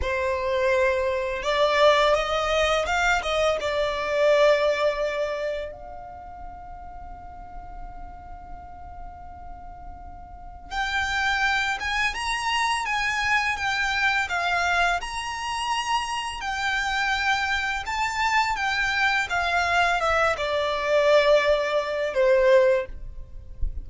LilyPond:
\new Staff \with { instrumentName = "violin" } { \time 4/4 \tempo 4 = 84 c''2 d''4 dis''4 | f''8 dis''8 d''2. | f''1~ | f''2. g''4~ |
g''8 gis''8 ais''4 gis''4 g''4 | f''4 ais''2 g''4~ | g''4 a''4 g''4 f''4 | e''8 d''2~ d''8 c''4 | }